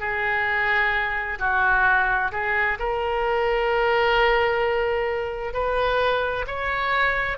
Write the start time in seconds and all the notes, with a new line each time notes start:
0.00 G#4
1.39 F#4
2.32 G#4
2.79 A#4
5.53 B4
6.47 C#5